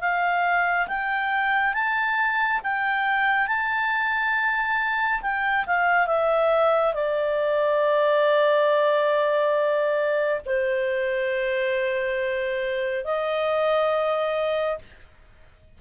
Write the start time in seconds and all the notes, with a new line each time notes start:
0.00 F5
0.87 G5
1.74 A5
2.63 G5
3.47 A5
5.21 G5
5.66 F5
6.07 E5
6.93 D5
10.45 C5
13.04 D#5